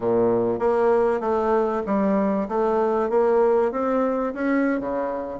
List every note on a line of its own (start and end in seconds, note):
0.00 0.59 A#2
0.59 1.20 A#3
1.20 1.82 A3
1.86 2.47 G3
2.48 3.09 A3
3.09 3.71 A#3
3.71 4.33 C4
4.34 4.80 C#4
4.80 5.39 C#3